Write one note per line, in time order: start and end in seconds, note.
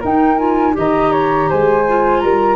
0.00 0.39 D#4
0.00 0.77 D#4
0.00 0.73 A#4
0.00 0.38 G5
0.38 0.73 F4
0.38 0.75 G#5
0.73 1.50 D#3
0.73 1.83 G4
0.73 1.12 D#5
0.73 1.50 A#5
1.12 1.48 C#5
1.49 2.22 G#3
1.49 2.22 C5
1.49 2.20 G#5
1.88 2.56 F4
2.20 2.56 G3
2.20 2.56 A#4
2.20 2.56 A#5